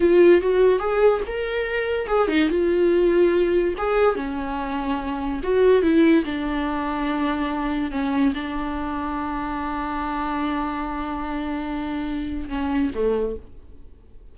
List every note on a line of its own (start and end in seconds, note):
0.00 0.41 F4
0.41 0.79 F#4
0.79 1.21 G#4
1.26 2.07 A#4
2.07 2.28 G#4
2.28 2.49 D#4
2.49 3.74 F4
3.77 4.15 G#4
4.15 5.40 C#4
5.43 5.82 F#4
5.82 6.24 E4
6.24 7.91 D4
7.91 8.33 C#4
8.34 12.49 D4
12.49 12.90 C#4
12.94 13.36 A3